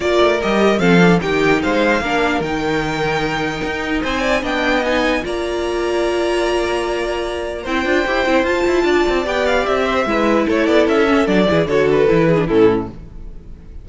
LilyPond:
<<
  \new Staff \with { instrumentName = "violin" } { \time 4/4 \tempo 4 = 149 d''4 dis''4 f''4 g''4 | f''2 g''2~ | g''2 gis''4 g''4 | gis''4 ais''2.~ |
ais''2. g''4~ | g''4 a''2 g''8 f''8 | e''2 cis''8 d''8 e''4 | d''4 cis''8 b'4. a'4 | }
  \new Staff \with { instrumentName = "violin" } { \time 4/4 ais'2 a'4 g'4 | c''4 ais'2.~ | ais'2 c''8 d''8 dis''4~ | dis''4 d''2.~ |
d''2. c''4~ | c''2 d''2~ | d''8 c''8 b'4 a'2~ | a'8 gis'8 a'4. gis'8 e'4 | }
  \new Staff \with { instrumentName = "viola" } { \time 4/4 f'4 g'4 c'8 d'8 dis'4~ | dis'4 d'4 dis'2~ | dis'2. d'4 | dis'4 f'2.~ |
f'2. e'8 f'8 | g'8 e'8 f'2 g'4~ | g'4 e'2~ e'8 cis'8 | d'8 e'8 fis'4 e'8. d'16 cis'4 | }
  \new Staff \with { instrumentName = "cello" } { \time 4/4 ais8 a8 g4 f4 dis4 | gis4 ais4 dis2~ | dis4 dis'4 c'4 b4~ | b4 ais2.~ |
ais2. c'8 d'8 | e'8 c'8 f'8 e'8 d'8 c'8 b4 | c'4 gis4 a8 b8 cis'4 | fis8 e8 d4 e4 a,4 | }
>>